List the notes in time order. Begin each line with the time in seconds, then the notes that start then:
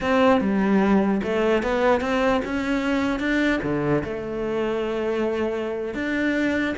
0.01 C4
0.40 G3
1.23 A3
1.63 B3
2.01 C4
2.45 C#4
3.19 D4
3.63 D3
4.04 A3
5.94 D4